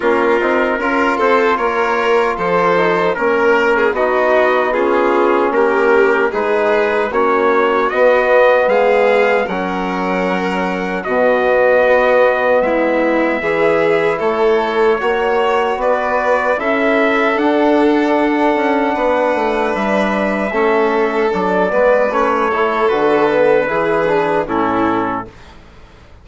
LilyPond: <<
  \new Staff \with { instrumentName = "trumpet" } { \time 4/4 \tempo 4 = 76 ais'4. c''8 cis''4 c''4 | ais'4 dis''4 gis'4 ais'4 | b'4 cis''4 dis''4 f''4 | fis''2 dis''2 |
e''2 cis''2 | d''4 e''4 fis''2~ | fis''4 e''2 d''4 | cis''4 b'2 a'4 | }
  \new Staff \with { instrumentName = "violin" } { \time 4/4 f'4 ais'8 a'8 ais'4 a'4 | ais'8. gis'16 fis'4 f'4 g'4 | gis'4 fis'2 gis'4 | ais'2 fis'2 |
e'4 gis'4 a'4 cis''4 | b'4 a'2. | b'2 a'4. b'8~ | b'8 a'4. gis'4 e'4 | }
  \new Staff \with { instrumentName = "trombone" } { \time 4/4 cis'8 dis'8 f'2~ f'8 dis'8 | cis'4 dis'4 cis'2 | dis'4 cis'4 b2 | cis'2 b2~ |
b4 e'2 fis'4~ | fis'4 e'4 d'2~ | d'2 cis'4 d'8 b8 | cis'8 e'8 fis'8 b8 e'8 d'8 cis'4 | }
  \new Staff \with { instrumentName = "bassoon" } { \time 4/4 ais8 c'8 cis'8 c'8 ais4 f4 | ais4 b2 ais4 | gis4 ais4 b4 gis4 | fis2 b,4 b4 |
gis4 e4 a4 ais4 | b4 cis'4 d'4. cis'8 | b8 a8 g4 a4 fis8 gis8 | a4 d4 e4 a,4 | }
>>